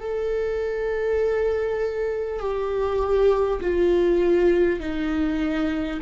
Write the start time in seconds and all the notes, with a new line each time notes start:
0.00 A4
2.39 G4
3.60 F4
4.79 D#4